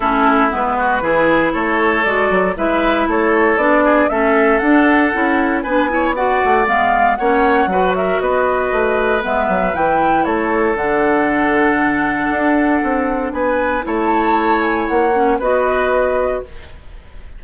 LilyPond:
<<
  \new Staff \with { instrumentName = "flute" } { \time 4/4 \tempo 4 = 117 a'4 b'2 cis''4 | d''4 e''4 cis''4 d''4 | e''4 fis''2 gis''4 | fis''4 f''4 fis''4. e''8 |
dis''2 e''4 g''4 | cis''4 fis''2.~ | fis''2 gis''4 a''4~ | a''8 gis''8 fis''4 dis''2 | }
  \new Staff \with { instrumentName = "oboe" } { \time 4/4 e'4. fis'8 gis'4 a'4~ | a'4 b'4 a'4. gis'8 | a'2. b'8 cis''8 | d''2 cis''4 b'8 ais'8 |
b'1 | a'1~ | a'2 b'4 cis''4~ | cis''2 b'2 | }
  \new Staff \with { instrumentName = "clarinet" } { \time 4/4 cis'4 b4 e'2 | fis'4 e'2 d'4 | cis'4 d'4 e'4 d'8 e'8 | fis'4 b4 cis'4 fis'4~ |
fis'2 b4 e'4~ | e'4 d'2.~ | d'2. e'4~ | e'4. cis'8 fis'2 | }
  \new Staff \with { instrumentName = "bassoon" } { \time 4/4 a4 gis4 e4 a4 | gis8 fis8 gis4 a4 b4 | a4 d'4 cis'4 b4~ | b8 a8 gis4 ais4 fis4 |
b4 a4 gis8 fis8 e4 | a4 d2. | d'4 c'4 b4 a4~ | a4 ais4 b2 | }
>>